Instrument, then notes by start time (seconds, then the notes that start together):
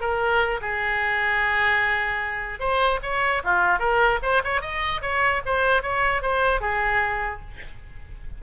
oboe
0.00 A#4
0.61 G#4
2.59 C5
3.02 C#5
3.44 F4
3.79 A#4
4.22 C5
4.43 C#5
4.61 D#5
5.01 C#5
5.45 C5
5.82 C#5
6.22 C5
6.60 G#4